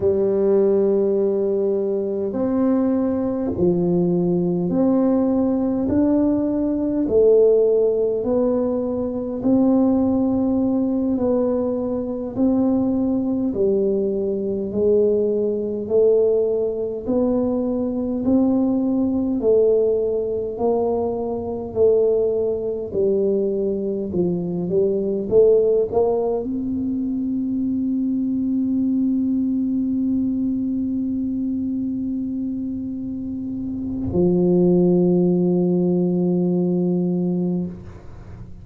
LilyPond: \new Staff \with { instrumentName = "tuba" } { \time 4/4 \tempo 4 = 51 g2 c'4 f4 | c'4 d'4 a4 b4 | c'4. b4 c'4 g8~ | g8 gis4 a4 b4 c'8~ |
c'8 a4 ais4 a4 g8~ | g8 f8 g8 a8 ais8 c'4.~ | c'1~ | c'4 f2. | }